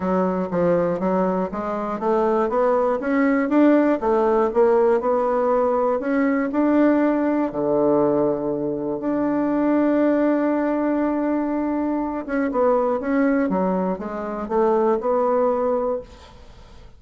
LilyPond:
\new Staff \with { instrumentName = "bassoon" } { \time 4/4 \tempo 4 = 120 fis4 f4 fis4 gis4 | a4 b4 cis'4 d'4 | a4 ais4 b2 | cis'4 d'2 d4~ |
d2 d'2~ | d'1~ | d'8 cis'8 b4 cis'4 fis4 | gis4 a4 b2 | }